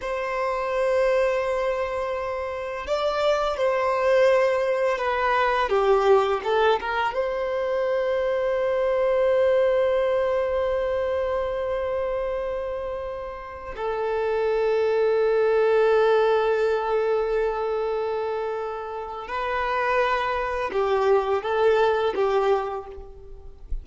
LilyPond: \new Staff \with { instrumentName = "violin" } { \time 4/4 \tempo 4 = 84 c''1 | d''4 c''2 b'4 | g'4 a'8 ais'8 c''2~ | c''1~ |
c''2.~ c''16 a'8.~ | a'1~ | a'2. b'4~ | b'4 g'4 a'4 g'4 | }